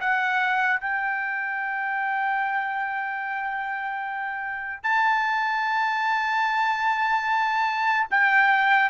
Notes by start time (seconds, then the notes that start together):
0.00 F#5
0.80 G5
4.83 A5
8.10 G5